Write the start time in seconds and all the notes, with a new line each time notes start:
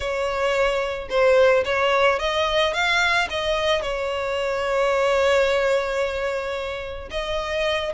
0.00 C#5
1.09 C5
1.64 C#5
2.19 D#5
2.73 F5
3.30 D#5
3.82 C#5
7.11 D#5